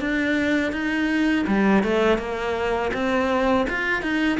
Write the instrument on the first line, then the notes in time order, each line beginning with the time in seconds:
cello
0.00 D4
0.72 D#4
1.47 G3
1.83 A3
2.18 A#3
2.93 C4
3.69 F4
4.02 D#4